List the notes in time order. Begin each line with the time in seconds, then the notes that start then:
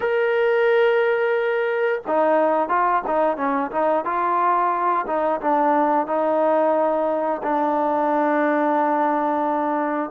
0.00 A#4
2.07 D#4
2.68 F4
3.06 D#4
3.36 C#4
3.71 D#4
4.04 F4
5.06 D#4
5.41 D4
6.06 D#4
7.42 D4